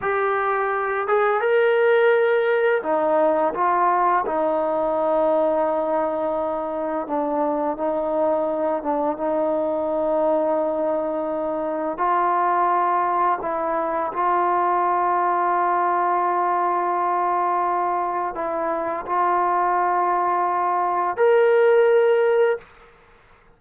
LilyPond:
\new Staff \with { instrumentName = "trombone" } { \time 4/4 \tempo 4 = 85 g'4. gis'8 ais'2 | dis'4 f'4 dis'2~ | dis'2 d'4 dis'4~ | dis'8 d'8 dis'2.~ |
dis'4 f'2 e'4 | f'1~ | f'2 e'4 f'4~ | f'2 ais'2 | }